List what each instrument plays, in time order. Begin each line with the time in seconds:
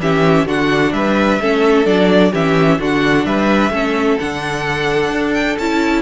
0.00 cello E3, viola C#4, violin G4 E5
0.46 cello D3, viola D4, violin F#4 F#5
0.93 cello G3, violin B4 E5
1.41 cello A3, viola C#4, violin A4
1.85 cello F#3, viola D4, violin D5
2.32 cello E3, viola C#4, violin G4 E5
2.79 cello D3, viola D4, violin F#4 F#5
3.25 cello G3, violin B4 E5
3.70 cello A3, viola C#4, violin A4
4.19 cello D3, viola D4, violin F#5
5.11 cello D4
5.34 violin G5
5.59 cello C#4, viola E4, violin A5